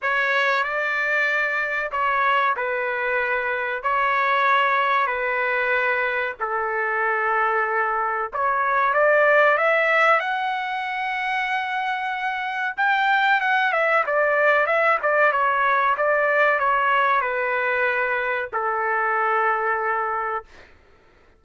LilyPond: \new Staff \with { instrumentName = "trumpet" } { \time 4/4 \tempo 4 = 94 cis''4 d''2 cis''4 | b'2 cis''2 | b'2 a'2~ | a'4 cis''4 d''4 e''4 |
fis''1 | g''4 fis''8 e''8 d''4 e''8 d''8 | cis''4 d''4 cis''4 b'4~ | b'4 a'2. | }